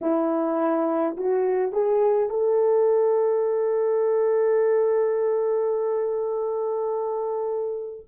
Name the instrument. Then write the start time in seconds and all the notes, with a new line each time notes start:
horn
0.01 E4
1.16 F#4
1.72 G#4
2.29 A4